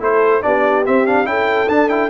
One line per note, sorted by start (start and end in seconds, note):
0.00 0.42 A3
0.00 0.42 E4
0.00 0.43 A4
0.00 0.43 C5
0.42 0.88 B3
0.42 0.85 D4
0.42 1.29 G4
0.42 0.85 D5
0.86 1.07 C4
0.86 1.26 C4
0.86 1.07 E5
1.07 1.25 D4
1.07 1.27 F5
1.25 1.68 C#4
1.25 1.68 E4
1.25 2.10 A4
1.25 1.69 G5
1.69 1.90 D4
1.69 2.10 D4
1.69 1.89 A5
1.89 2.10 E4
1.89 2.10 G5